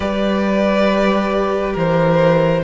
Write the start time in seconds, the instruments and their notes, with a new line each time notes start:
0.00 cello G3, viola G4, violin B4 D5
1.73 cello E3, violin A#4 C5